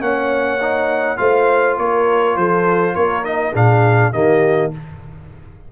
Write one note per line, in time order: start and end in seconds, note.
0.00 1.19 A#3
0.00 0.59 C#4
0.00 1.19 C#5
0.00 1.18 F#5
0.61 1.17 D#4
1.17 1.78 A3
1.17 3.23 F4
1.17 1.78 C5
1.17 1.76 F5
1.78 2.36 A#3
1.78 2.38 A#4
1.78 2.37 C#5
2.36 2.95 F3
2.36 2.95 A4
2.36 2.96 C5
2.95 3.55 A#3
2.95 3.53 A#4
2.95 3.24 C#5
3.23 3.53 D#4
3.23 3.54 D#5
3.53 4.13 A#2
3.53 4.13 D4
3.53 4.12 G#4
3.53 4.13 F5
4.13 4.72 D#3
4.13 4.72 A#3
4.13 4.72 G4
4.13 4.72 D#5